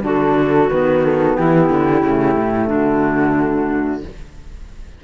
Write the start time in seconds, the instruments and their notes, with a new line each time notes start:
0.00 cello D3, saxophone D4, clarinet F#4, flute A4
0.67 cello D#3, saxophone B3, flute B4
1.04 flute A4
1.36 cello E3, clarinet E4, flute G4
1.69 cello D3
2.00 cello C#3, saxophone A3
2.36 cello A2
2.66 cello D3, clarinet D4, flute F#4